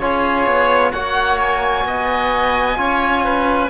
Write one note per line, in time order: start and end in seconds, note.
0.00 0.46 C#4
0.00 0.94 F4
0.00 0.92 G#4
0.00 0.92 C#5
0.46 0.92 B3
0.92 1.85 A#3
0.92 2.77 F#4
0.92 1.85 C#5
0.92 1.39 F#5
1.40 3.70 G#5
1.85 2.77 B3
1.85 2.79 D#5
2.77 3.70 C#4
2.77 3.69 F4
2.77 3.25 C#5
3.25 3.70 B4